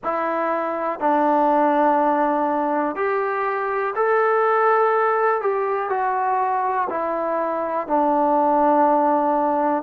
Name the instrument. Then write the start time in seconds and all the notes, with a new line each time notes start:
trombone
0.03 E4
0.99 D4
2.95 G4
3.95 A4
5.41 G4
5.89 F#4
6.89 E4
7.87 D4